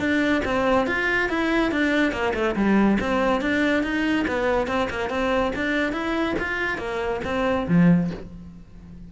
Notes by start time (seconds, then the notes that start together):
0.00 D4
0.45 C4
0.87 F4
1.30 E4
1.72 D4
2.12 A#3
2.34 A3
2.56 G3
3.01 C4
3.42 D4
3.84 D#4
4.28 B3
4.68 C4
4.90 A#3
5.10 C4
5.56 D4
5.93 E4
6.40 F4
6.79 A#3
7.25 C4
7.68 F3